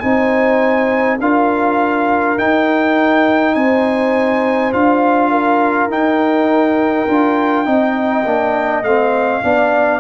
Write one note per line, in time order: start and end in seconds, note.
0.00 1.19 C4
0.00 1.19 D#4
0.00 1.20 C5
0.00 1.18 G#5
1.19 2.37 D4
1.19 2.38 F4
1.19 3.56 A#4
1.19 2.38 F5
2.37 3.55 D#4
2.37 4.73 D#4
2.37 3.55 G5
3.55 4.73 C4
3.55 5.31 C5
3.55 4.72 G#5
4.73 5.87 D4
4.73 5.90 F4
4.73 5.90 F5
5.31 7.66 A#4
5.87 7.05 D#4
5.87 7.07 D#4
5.87 8.83 G5
7.08 7.66 D4
7.08 7.65 F4
7.65 8.25 C4
7.65 8.24 D#4
7.65 9.42 D#5
8.25 8.83 A#3
8.25 8.84 D4
8.83 9.42 A3
8.83 9.42 C4
8.83 10.00 F5
9.42 10.00 B3
9.42 10.00 D4
9.42 10.00 D5